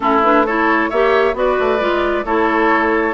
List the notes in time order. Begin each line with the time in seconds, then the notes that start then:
0.00 A3 C#4 E4 A4
0.23 D4 B4
0.45 E4 A4 C#5
0.89 A#3 G4 C#5 E5
1.34 B3 F#4 B4 D5
1.59 A3
1.79 G#3 F4
2.24 A3 E4 A4 C#5